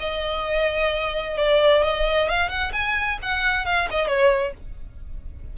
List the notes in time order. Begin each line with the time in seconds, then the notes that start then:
0.00 D#5
1.38 D5
1.83 D#5
2.29 F5
2.49 F#5
2.73 G#5
3.22 F#5
3.66 F5
3.91 D#5
4.08 C#5